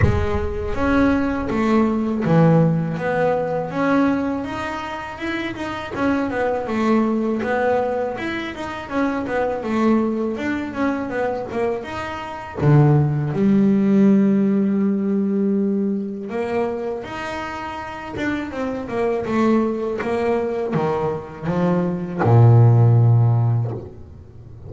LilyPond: \new Staff \with { instrumentName = "double bass" } { \time 4/4 \tempo 4 = 81 gis4 cis'4 a4 e4 | b4 cis'4 dis'4 e'8 dis'8 | cis'8 b8 a4 b4 e'8 dis'8 | cis'8 b8 a4 d'8 cis'8 b8 ais8 |
dis'4 d4 g2~ | g2 ais4 dis'4~ | dis'8 d'8 c'8 ais8 a4 ais4 | dis4 f4 ais,2 | }